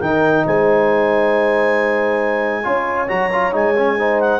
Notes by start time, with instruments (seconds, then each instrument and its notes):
0.00 tuba D#3, trombone D#4, horn A#4, clarinet G5
0.46 tuba G#3, horn C5, clarinet G#5
2.63 tuba C#4, trombone F4, horn C#5
3.08 tuba F#3, trombone F#4, clarinet A#5
3.32 trombone F4
3.52 tuba G#3, trombone D#4, clarinet G#5
3.77 trombone C#4
3.98 trombone D#4, horn C5
4.20 clarinet F#5